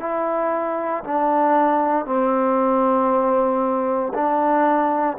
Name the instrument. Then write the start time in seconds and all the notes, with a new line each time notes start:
trombone
0.00 E4
1.04 D4
2.05 C4
4.14 D4